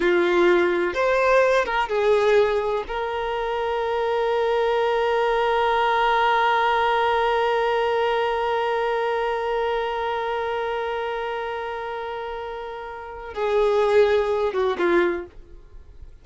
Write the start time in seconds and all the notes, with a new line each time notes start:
0.00 F4
0.94 C5
1.65 A#4
1.88 G#4
2.87 A#4
13.34 G#4
14.53 F#4
14.77 F4